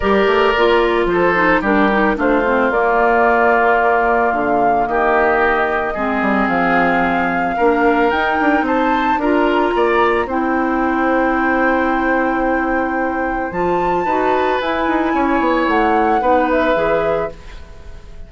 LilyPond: <<
  \new Staff \with { instrumentName = "flute" } { \time 4/4 \tempo 4 = 111 d''2 c''4 ais'4 | c''4 d''2. | f''4 dis''2. | f''2. g''4 |
a''4 ais''2 g''4~ | g''1~ | g''4 a''2 gis''4~ | gis''4 fis''4. e''4. | }
  \new Staff \with { instrumentName = "oboe" } { \time 4/4 ais'2 a'4 g'4 | f'1~ | f'4 g'2 gis'4~ | gis'2 ais'2 |
c''4 ais'4 d''4 c''4~ | c''1~ | c''2 b'2 | cis''2 b'2 | }
  \new Staff \with { instrumentName = "clarinet" } { \time 4/4 g'4 f'4. dis'8 d'8 dis'8 | d'8 c'8 ais2.~ | ais2. c'4~ | c'2 d'4 dis'4~ |
dis'4 f'2 e'4~ | e'1~ | e'4 f'4 fis'4 e'4~ | e'2 dis'4 gis'4 | }
  \new Staff \with { instrumentName = "bassoon" } { \time 4/4 g8 a8 ais4 f4 g4 | a4 ais2. | d4 dis2 gis8 g8 | f2 ais4 dis'8 d'8 |
c'4 d'4 ais4 c'4~ | c'1~ | c'4 f4 dis'4 e'8 dis'8 | cis'8 b8 a4 b4 e4 | }
>>